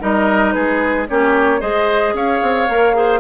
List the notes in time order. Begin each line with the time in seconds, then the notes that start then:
0.00 G3 D#4 A#4 D#5
0.52 G#3 G#4 B4
1.08 A#3 C#4 G4 C#5
1.60 G#3 G#4 C5 D#5
2.14 C#4 C#5 F5
2.42 C4
2.69 A#3 A#4
2.94 G#4 C5